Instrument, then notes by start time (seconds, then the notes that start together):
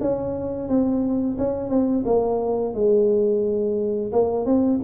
tuba
0.00 C#4
0.68 C4
1.38 C#4
1.69 C4
2.05 A#3
2.74 G#3
4.12 A#3
4.45 C4